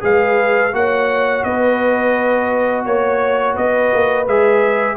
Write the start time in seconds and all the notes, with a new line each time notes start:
0.00 G#3 G#4 B4 F5
0.73 A#3 F#4 C#5 F#5
1.44 B3 B4 D#5
2.85 A#3 C#5
3.54 B3 B4 D#5
3.94 A#3
4.27 G#3 G#4 E5